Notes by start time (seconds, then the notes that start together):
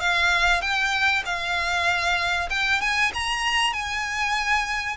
0.00 F5
0.61 G5
1.25 F5
2.50 G5
2.81 G#5
3.13 A#5
3.73 G#5